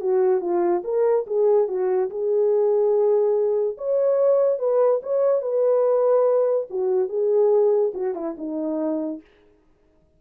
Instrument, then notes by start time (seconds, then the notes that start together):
horn
0.00 F#4
0.40 F4
0.84 A#4
1.27 G#4
1.67 F#4
2.10 G#4
3.77 C#5
4.59 B4
5.02 C#5
5.41 B4
6.70 F#4
7.09 G#4
7.94 F#4
8.15 E4
8.37 D#4